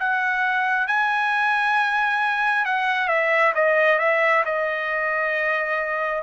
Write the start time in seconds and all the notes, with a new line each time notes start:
0.00 F#5
0.88 G#5
2.65 F#5
3.08 E5
3.55 D#5
3.99 E5
4.45 D#5